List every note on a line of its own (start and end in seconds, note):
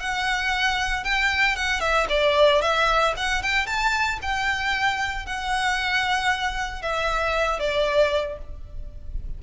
0.00 1.04 F#5
1.04 1.56 G5
1.56 1.80 F#5
1.80 2.07 E5
2.09 2.62 D5
2.62 3.14 E5
3.17 3.43 F#5
3.43 3.67 G5
3.67 4.19 A5
4.22 5.26 G5
5.26 6.82 F#5
6.82 7.59 E5
7.59 8.38 D5